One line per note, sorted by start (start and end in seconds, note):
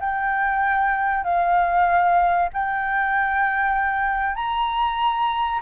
0.00 1.24 G5
1.24 2.49 F5
2.53 4.35 G5
4.35 5.60 A#5